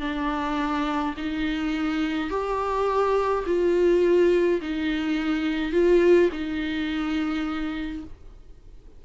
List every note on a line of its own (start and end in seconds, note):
0.00 1.14 D4
1.17 2.30 D#4
2.30 3.44 G4
3.46 4.60 F4
4.61 5.72 D#4
5.72 6.29 F4
6.32 8.03 D#4